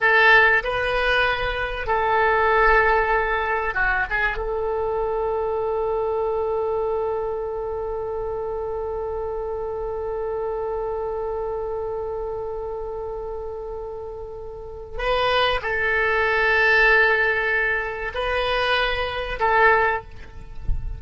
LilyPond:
\new Staff \with { instrumentName = "oboe" } { \time 4/4 \tempo 4 = 96 a'4 b'2 a'4~ | a'2 fis'8 gis'8 a'4~ | a'1~ | a'1~ |
a'1~ | a'1 | b'4 a'2.~ | a'4 b'2 a'4 | }